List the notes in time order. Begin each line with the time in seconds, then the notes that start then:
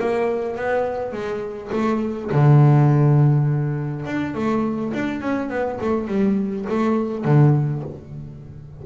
0.00 A#3
0.57 B3
1.13 G#3
1.73 A3
2.32 D3
4.06 D4
4.35 A3
4.94 D4
5.22 C#4
5.50 B3
5.81 A3
6.08 G3
6.70 A3
7.25 D3